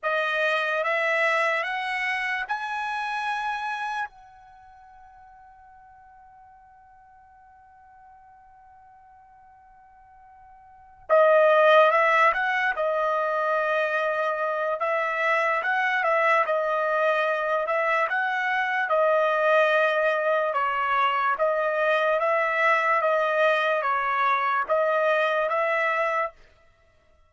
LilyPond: \new Staff \with { instrumentName = "trumpet" } { \time 4/4 \tempo 4 = 73 dis''4 e''4 fis''4 gis''4~ | gis''4 fis''2.~ | fis''1~ | fis''4. dis''4 e''8 fis''8 dis''8~ |
dis''2 e''4 fis''8 e''8 | dis''4. e''8 fis''4 dis''4~ | dis''4 cis''4 dis''4 e''4 | dis''4 cis''4 dis''4 e''4 | }